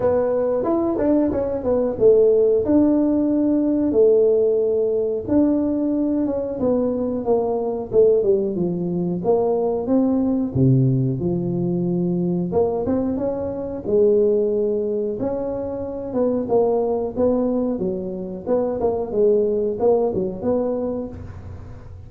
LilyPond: \new Staff \with { instrumentName = "tuba" } { \time 4/4 \tempo 4 = 91 b4 e'8 d'8 cis'8 b8 a4 | d'2 a2 | d'4. cis'8 b4 ais4 | a8 g8 f4 ais4 c'4 |
c4 f2 ais8 c'8 | cis'4 gis2 cis'4~ | cis'8 b8 ais4 b4 fis4 | b8 ais8 gis4 ais8 fis8 b4 | }